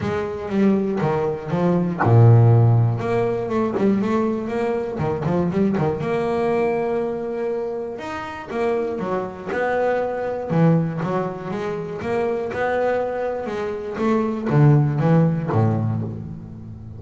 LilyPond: \new Staff \with { instrumentName = "double bass" } { \time 4/4 \tempo 4 = 120 gis4 g4 dis4 f4 | ais,2 ais4 a8 g8 | a4 ais4 dis8 f8 g8 dis8 | ais1 |
dis'4 ais4 fis4 b4~ | b4 e4 fis4 gis4 | ais4 b2 gis4 | a4 d4 e4 a,4 | }